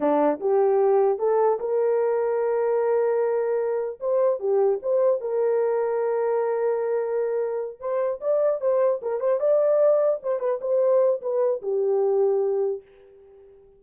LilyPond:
\new Staff \with { instrumentName = "horn" } { \time 4/4 \tempo 4 = 150 d'4 g'2 a'4 | ais'1~ | ais'2 c''4 g'4 | c''4 ais'2.~ |
ais'2.~ ais'8 c''8~ | c''8 d''4 c''4 ais'8 c''8 d''8~ | d''4. c''8 b'8 c''4. | b'4 g'2. | }